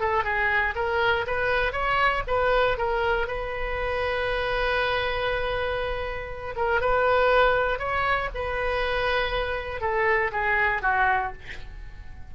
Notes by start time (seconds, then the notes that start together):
0.00 A4
0.24 G#4
0.75 A#4
1.27 B4
1.72 C#5
2.27 B4
2.78 A#4
3.27 B4
6.56 A#4
6.81 B4
7.79 C#5
8.34 B4
9.81 A4
10.32 G#4
10.82 F#4